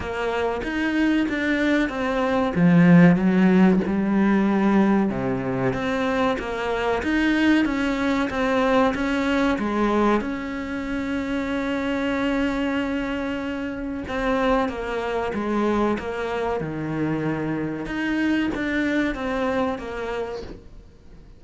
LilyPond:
\new Staff \with { instrumentName = "cello" } { \time 4/4 \tempo 4 = 94 ais4 dis'4 d'4 c'4 | f4 fis4 g2 | c4 c'4 ais4 dis'4 | cis'4 c'4 cis'4 gis4 |
cis'1~ | cis'2 c'4 ais4 | gis4 ais4 dis2 | dis'4 d'4 c'4 ais4 | }